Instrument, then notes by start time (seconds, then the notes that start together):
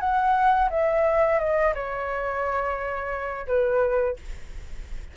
flute
0.00 F#5
0.70 E5
1.39 D#5
1.74 C#5
3.47 B4